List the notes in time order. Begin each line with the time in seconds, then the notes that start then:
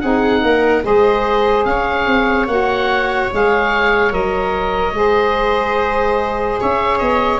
0.00 C4 D#4 G#4 F#5
0.42 A#3 A#4
0.83 G#3 G#4 C5 D#5
1.64 C#4 C#5 F5
2.06 C4
2.47 A#3 F#4 F#5
3.31 G#3 G#4 F5
4.10 F#3 A#4 D#5
4.92 G#3 G#4 C5
6.60 C#4 C#5 E5
6.98 B3 D#5